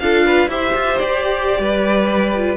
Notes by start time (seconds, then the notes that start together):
0.00 D4 F4 A4 F5
0.26 B4
0.48 E4 G4 C5 E5
0.76 F4
0.99 G4 D5
1.59 G3 B4
2.35 F4